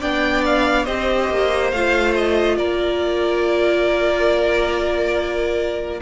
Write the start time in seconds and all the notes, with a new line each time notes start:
0.00 B3 D4 D5 G5
0.45 F5
0.85 C4 G4 C5 D#5
1.30 A#3
1.71 A3 F4 F5
2.16 D#5
2.58 A#3 A#4 D5